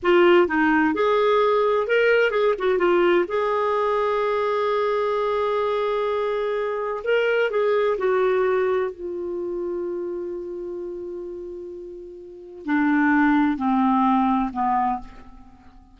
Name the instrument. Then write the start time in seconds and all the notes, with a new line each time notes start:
clarinet
0.02 F4
0.47 D#4
0.94 G#4
1.87 A#4
2.31 G#4
2.58 F#4
2.78 F4
3.28 G#4
7.04 A#4
7.50 G#4
7.98 F#4
8.91 F4
12.65 D4
13.57 C4
14.52 B3